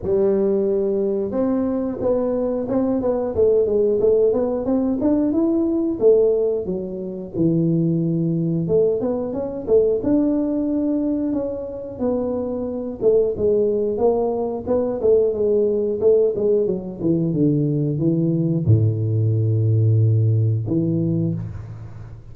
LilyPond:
\new Staff \with { instrumentName = "tuba" } { \time 4/4 \tempo 4 = 90 g2 c'4 b4 | c'8 b8 a8 gis8 a8 b8 c'8 d'8 | e'4 a4 fis4 e4~ | e4 a8 b8 cis'8 a8 d'4~ |
d'4 cis'4 b4. a8 | gis4 ais4 b8 a8 gis4 | a8 gis8 fis8 e8 d4 e4 | a,2. e4 | }